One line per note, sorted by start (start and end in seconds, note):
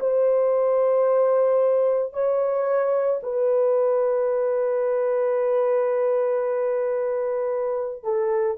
0.00 2.13 C5
2.13 3.20 C#5
3.22 8.04 B4
8.04 8.57 A4